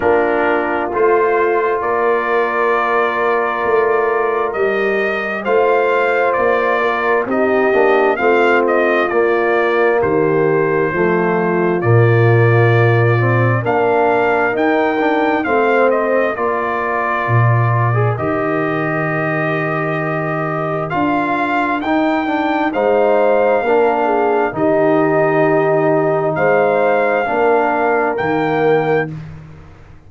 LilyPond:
<<
  \new Staff \with { instrumentName = "trumpet" } { \time 4/4 \tempo 4 = 66 ais'4 c''4 d''2~ | d''4 dis''4 f''4 d''4 | dis''4 f''8 dis''8 d''4 c''4~ | c''4 d''2 f''4 |
g''4 f''8 dis''8 d''2 | dis''2. f''4 | g''4 f''2 dis''4~ | dis''4 f''2 g''4 | }
  \new Staff \with { instrumentName = "horn" } { \time 4/4 f'2 ais'2~ | ais'2 c''4. ais'8 | g'4 f'2 g'4 | f'2. ais'4~ |
ais'4 c''4 ais'2~ | ais'1~ | ais'4 c''4 ais'8 gis'8 g'4~ | g'4 c''4 ais'2 | }
  \new Staff \with { instrumentName = "trombone" } { \time 4/4 d'4 f'2.~ | f'4 g'4 f'2 | dis'8 d'8 c'4 ais2 | a4 ais4. c'8 d'4 |
dis'8 d'8 c'4 f'4.~ f'16 gis'16 | g'2. f'4 | dis'8 d'8 dis'4 d'4 dis'4~ | dis'2 d'4 ais4 | }
  \new Staff \with { instrumentName = "tuba" } { \time 4/4 ais4 a4 ais2 | a4 g4 a4 ais4 | c'8 ais8 a4 ais4 dis4 | f4 ais,2 ais4 |
dis'4 a4 ais4 ais,4 | dis2. d'4 | dis'4 gis4 ais4 dis4~ | dis4 gis4 ais4 dis4 | }
>>